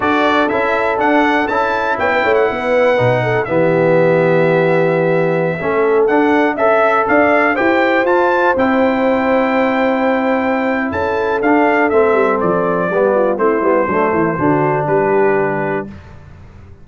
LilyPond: <<
  \new Staff \with { instrumentName = "trumpet" } { \time 4/4 \tempo 4 = 121 d''4 e''4 fis''4 a''4 | g''8. fis''2~ fis''16 e''4~ | e''1~ | e''16 fis''4 e''4 f''4 g''8.~ |
g''16 a''4 g''2~ g''8.~ | g''2 a''4 f''4 | e''4 d''2 c''4~ | c''2 b'2 | }
  \new Staff \with { instrumentName = "horn" } { \time 4/4 a'1 | cis''16 b'16 cis''8 b'4. a'8 g'4~ | g'2.~ g'16 a'8.~ | a'4~ a'16 e''4 d''4 c''8.~ |
c''1~ | c''2 a'2~ | a'2 g'8 f'8 e'4 | d'8 e'8 fis'4 g'2 | }
  \new Staff \with { instrumentName = "trombone" } { \time 4/4 fis'4 e'4 d'4 e'4~ | e'2 dis'4 b4~ | b2.~ b16 cis'8.~ | cis'16 d'4 a'2 g'8.~ |
g'16 f'4 e'2~ e'8.~ | e'2. d'4 | c'2 b4 c'8 b8 | a4 d'2. | }
  \new Staff \with { instrumentName = "tuba" } { \time 4/4 d'4 cis'4 d'4 cis'4 | b8 a8 b4 b,4 e4~ | e2.~ e16 a8.~ | a16 d'4 cis'4 d'4 e'8.~ |
e'16 f'4 c'2~ c'8.~ | c'2 cis'4 d'4 | a8 g8 f4 g4 a8 g8 | fis8 e8 d4 g2 | }
>>